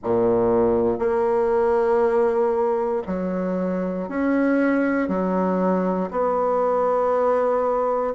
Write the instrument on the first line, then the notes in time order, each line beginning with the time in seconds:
bassoon
0.03 A#2
0.98 A#3
3.06 F#3
4.09 C#4
5.08 F#3
6.10 B3